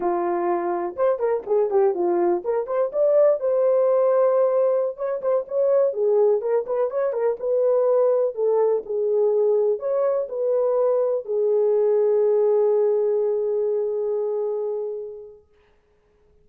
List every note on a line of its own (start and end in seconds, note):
0.00 0.95 F4
0.96 1.19 C5
1.19 1.43 A#4
1.46 1.70 G#4
1.70 1.94 G4
1.94 2.42 F4
2.44 2.66 A#4
2.66 2.91 C5
2.92 3.40 D5
3.40 4.96 C5
4.96 5.21 C#5
5.21 5.45 C5
5.48 5.93 C#5
5.93 6.41 G#4
6.41 6.65 A#4
6.66 6.90 B4
6.90 7.12 C#5
7.12 7.37 A#4
7.39 8.35 B4
8.35 8.83 A4
8.85 9.79 G#4
9.79 10.27 C#5
10.28 11.25 B4
11.25 15.48 G#4